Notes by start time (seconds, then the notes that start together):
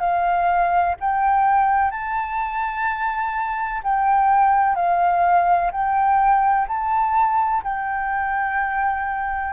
0.00 F5
1.00 G5
1.91 A5
3.84 G5
4.76 F5
5.72 G5
6.68 A5
7.64 G5